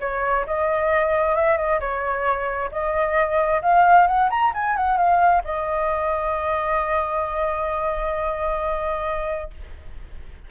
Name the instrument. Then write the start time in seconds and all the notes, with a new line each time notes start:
flute
0.00 C#5
0.46 D#5
1.35 E5
1.57 D#5
1.79 C#5
2.71 D#5
3.62 F5
4.07 F#5
4.30 A#5
4.53 G#5
4.76 F#5
4.97 F5
5.44 D#5